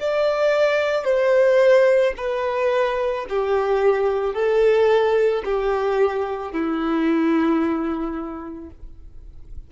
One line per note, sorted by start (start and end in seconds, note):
0.00 1.05 D5
1.05 2.14 C5
2.17 3.26 B4
3.29 4.34 G4
4.34 5.43 A4
5.44 6.52 G4
6.52 8.70 E4